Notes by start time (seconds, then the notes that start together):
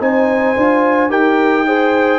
0.00 C4 D#4 C5 G#5
0.56 D4 F4
1.09 D#4 G4 A#4 G5
1.66 G#4 C5